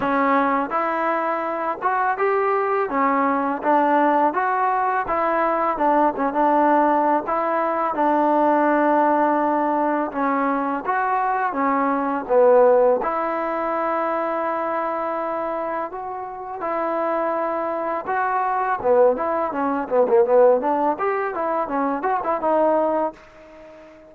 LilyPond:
\new Staff \with { instrumentName = "trombone" } { \time 4/4 \tempo 4 = 83 cis'4 e'4. fis'8 g'4 | cis'4 d'4 fis'4 e'4 | d'8 cis'16 d'4~ d'16 e'4 d'4~ | d'2 cis'4 fis'4 |
cis'4 b4 e'2~ | e'2 fis'4 e'4~ | e'4 fis'4 b8 e'8 cis'8 b16 ais16 | b8 d'8 g'8 e'8 cis'8 fis'16 e'16 dis'4 | }